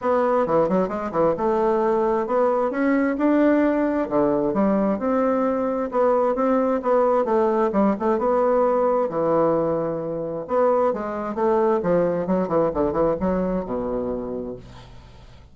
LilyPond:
\new Staff \with { instrumentName = "bassoon" } { \time 4/4 \tempo 4 = 132 b4 e8 fis8 gis8 e8 a4~ | a4 b4 cis'4 d'4~ | d'4 d4 g4 c'4~ | c'4 b4 c'4 b4 |
a4 g8 a8 b2 | e2. b4 | gis4 a4 f4 fis8 e8 | d8 e8 fis4 b,2 | }